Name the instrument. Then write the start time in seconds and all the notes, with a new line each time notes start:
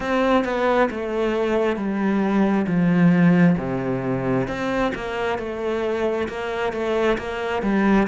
cello
0.00 C4
0.44 B3
0.90 A3
1.76 G3
2.66 F3
3.57 C3
4.47 C4
4.95 A#3
5.38 A3
6.28 A#3
6.72 A3
7.18 A#3
7.62 G3